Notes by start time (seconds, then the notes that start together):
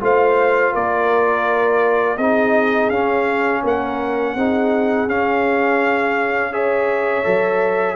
0.00 A3 F4 C5 F5
0.72 A#3 A#4 D5
2.17 C4 D#4 G#4 D#5
2.89 C#4 F5
3.62 A#3 A#4 F#5
4.35 C4 D#4 G#4
5.07 C#4 F5
6.52 G#4 C#5 E5
7.23 F#3 A4